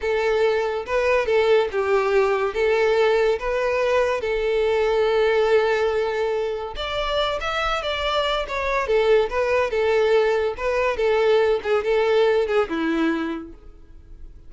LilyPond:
\new Staff \with { instrumentName = "violin" } { \time 4/4 \tempo 4 = 142 a'2 b'4 a'4 | g'2 a'2 | b'2 a'2~ | a'1 |
d''4. e''4 d''4. | cis''4 a'4 b'4 a'4~ | a'4 b'4 a'4. gis'8 | a'4. gis'8 e'2 | }